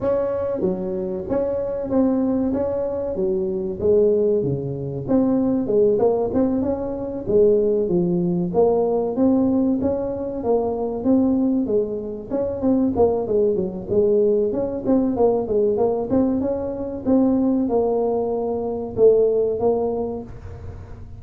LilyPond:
\new Staff \with { instrumentName = "tuba" } { \time 4/4 \tempo 4 = 95 cis'4 fis4 cis'4 c'4 | cis'4 fis4 gis4 cis4 | c'4 gis8 ais8 c'8 cis'4 gis8~ | gis8 f4 ais4 c'4 cis'8~ |
cis'8 ais4 c'4 gis4 cis'8 | c'8 ais8 gis8 fis8 gis4 cis'8 c'8 | ais8 gis8 ais8 c'8 cis'4 c'4 | ais2 a4 ais4 | }